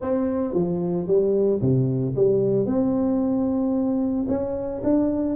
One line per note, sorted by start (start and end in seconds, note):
0.01 0.54 C4
0.54 1.07 F3
1.07 1.60 G3
1.61 2.14 C3
2.16 2.65 G3
2.65 4.26 C4
4.28 4.82 C#4
4.83 5.36 D4